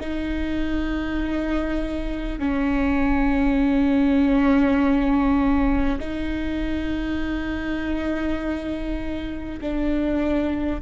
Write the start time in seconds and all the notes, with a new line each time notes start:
0.00 D#4
2.39 C#4
6.00 D#4
9.61 D4